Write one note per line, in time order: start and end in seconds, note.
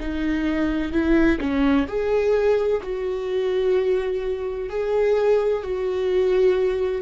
0.00 0.92 D#4
0.92 1.39 E4
1.40 1.87 C#4
1.87 2.81 G#4
2.83 4.70 F#4
4.70 5.63 G#4
5.63 7.02 F#4